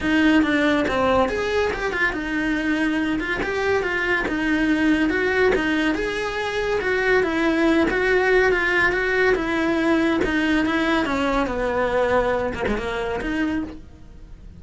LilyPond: \new Staff \with { instrumentName = "cello" } { \time 4/4 \tempo 4 = 141 dis'4 d'4 c'4 gis'4 | g'8 f'8 dis'2~ dis'8 f'8 | g'4 f'4 dis'2 | fis'4 dis'4 gis'2 |
fis'4 e'4. fis'4. | f'4 fis'4 e'2 | dis'4 e'4 cis'4 b4~ | b4. ais16 gis16 ais4 dis'4 | }